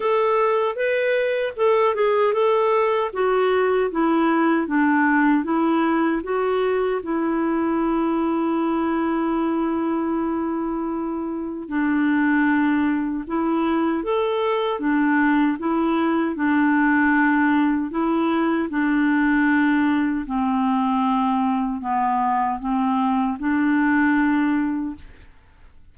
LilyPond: \new Staff \with { instrumentName = "clarinet" } { \time 4/4 \tempo 4 = 77 a'4 b'4 a'8 gis'8 a'4 | fis'4 e'4 d'4 e'4 | fis'4 e'2.~ | e'2. d'4~ |
d'4 e'4 a'4 d'4 | e'4 d'2 e'4 | d'2 c'2 | b4 c'4 d'2 | }